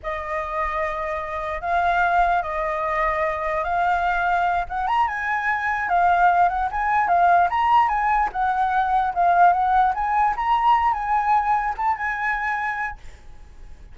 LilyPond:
\new Staff \with { instrumentName = "flute" } { \time 4/4 \tempo 4 = 148 dis''1 | f''2 dis''2~ | dis''4 f''2~ f''8 fis''8 | ais''8 gis''2 f''4. |
fis''8 gis''4 f''4 ais''4 gis''8~ | gis''8 fis''2 f''4 fis''8~ | fis''8 gis''4 ais''4. gis''4~ | gis''4 a''8 gis''2~ gis''8 | }